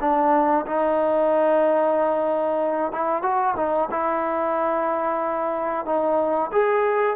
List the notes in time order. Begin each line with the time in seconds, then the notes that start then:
0.00 D4
0.66 D#4
2.92 E4
3.22 F#4
3.56 D#4
3.91 E4
5.85 D#4
6.52 G#4